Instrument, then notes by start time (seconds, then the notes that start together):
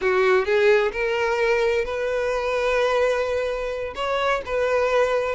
violin
0.01 F#4
0.45 G#4
0.92 A#4
1.84 B4
3.95 C#5
4.45 B4